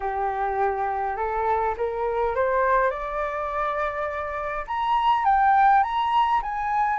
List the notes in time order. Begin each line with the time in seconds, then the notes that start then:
0.00 G4
1.16 A4
1.77 A#4
2.35 C5
2.90 D5
4.67 A#5
5.25 G5
5.83 A#5
6.42 G#5